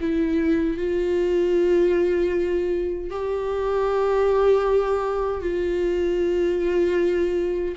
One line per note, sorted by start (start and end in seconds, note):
0.00 0.77 E4
0.77 3.10 F4
3.10 5.41 G4
5.41 7.75 F4